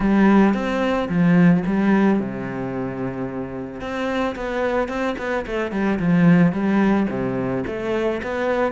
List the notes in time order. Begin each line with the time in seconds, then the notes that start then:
0.00 G3
0.54 C4
1.08 F3
1.66 G3
2.19 C3
3.81 C4
4.35 B3
4.88 C4
5.18 B3
5.46 A3
5.71 G3
5.99 F3
6.52 G3
7.09 C3
7.67 A3
8.22 B3